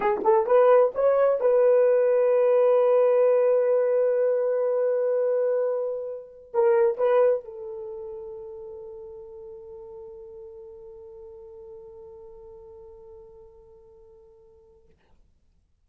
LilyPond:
\new Staff \with { instrumentName = "horn" } { \time 4/4 \tempo 4 = 129 gis'8 a'8 b'4 cis''4 b'4~ | b'1~ | b'1~ | b'2 ais'4 b'4 |
a'1~ | a'1~ | a'1~ | a'1 | }